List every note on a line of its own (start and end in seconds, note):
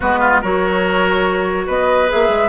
0.00 0.43 G#3
0.00 0.43 B3
0.00 0.19 F#4
0.00 0.42 B4
0.19 0.40 F4
0.41 1.68 F#3
0.41 2.08 F#4
0.41 1.66 A#4
0.41 1.68 C#5
1.66 2.10 B3
1.66 2.48 B4
1.66 2.10 D#5
2.08 2.28 A#3
2.08 2.48 G#4
2.08 2.48 E5
2.28 2.48 G#3